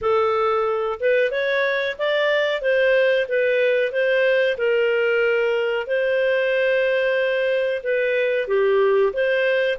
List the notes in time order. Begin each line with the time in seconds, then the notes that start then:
0.01 A4
1.00 B4
1.31 C#5
1.98 D5
2.61 C5
3.28 B4
3.91 C5
4.57 A#4
5.87 C5
7.83 B4
8.47 G4
9.13 C5